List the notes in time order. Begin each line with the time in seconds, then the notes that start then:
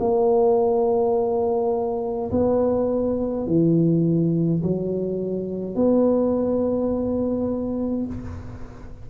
0.00 A#3
2.31 B3
3.47 E3
4.63 F#3
5.75 B3